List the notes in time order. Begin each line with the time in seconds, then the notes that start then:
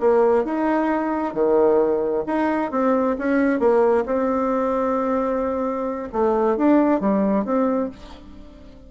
0.00 A#3
0.44 D#4
1.33 D#3
2.26 D#4
2.71 C4
3.18 C#4
3.59 A#3
4.05 C4
6.12 A3
6.57 D4
7.00 G3
7.45 C4